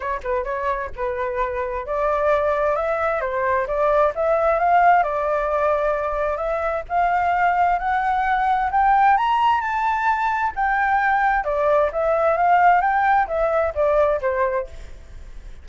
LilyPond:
\new Staff \with { instrumentName = "flute" } { \time 4/4 \tempo 4 = 131 cis''8 b'8 cis''4 b'2 | d''2 e''4 c''4 | d''4 e''4 f''4 d''4~ | d''2 e''4 f''4~ |
f''4 fis''2 g''4 | ais''4 a''2 g''4~ | g''4 d''4 e''4 f''4 | g''4 e''4 d''4 c''4 | }